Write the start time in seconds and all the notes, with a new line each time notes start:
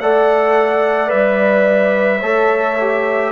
0.00 A3 A4 D5 F#5
1.08 G3 B4 E5
2.20 A3 A4 C#5
2.80 G4